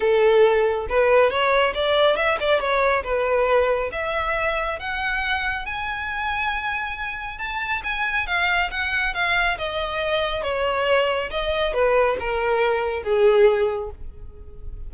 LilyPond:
\new Staff \with { instrumentName = "violin" } { \time 4/4 \tempo 4 = 138 a'2 b'4 cis''4 | d''4 e''8 d''8 cis''4 b'4~ | b'4 e''2 fis''4~ | fis''4 gis''2.~ |
gis''4 a''4 gis''4 f''4 | fis''4 f''4 dis''2 | cis''2 dis''4 b'4 | ais'2 gis'2 | }